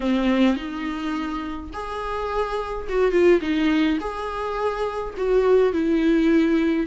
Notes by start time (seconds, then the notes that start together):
0.00 C4
0.56 D#4
1.73 G#4
2.89 F#4
3.11 F4
3.41 D#4
4.00 G#4
5.17 F#4
5.72 E4